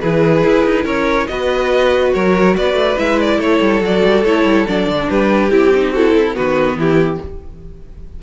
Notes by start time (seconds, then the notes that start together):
0.00 E3 E4 G#4 B4
0.44 E4
0.65 D#4
0.84 C#4 A#4 C#5
1.27 B3 F#4 B4 D#5
2.14 F#3 A#4 C#5
2.56 B3 B4 D5
2.74 A3
2.97 G#3 E4 E5
3.20 D5
3.38 A3 A4 C#5
3.61 G3
3.81 F#3 F#4 D5
4.04 G3
4.24 A3 E4 C#5
4.44 G3
4.67 F#3 D4 D5
4.87 D3
5.10 G3 G4 B4
5.51 C4 E4 G4
5.75 D#4
5.92 E4 F#4 A4
6.17 E4
6.34 D#3 B3 F#4 B4
6.76 E3 E4 G4